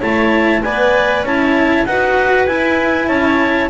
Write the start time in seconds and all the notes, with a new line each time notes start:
0.00 A3 E4 C#5 A5
0.63 B3 B4 D5 G#5
1.23 C#4 E4 C#5 A5
1.85 D#4 F#4 B4 F#5
2.47 E4 G#5
3.08 C#4 C#5 A5